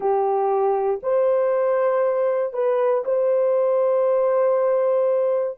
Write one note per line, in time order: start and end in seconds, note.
0.00 0.99 G4
1.03 2.53 C5
2.53 3.04 B4
3.05 5.58 C5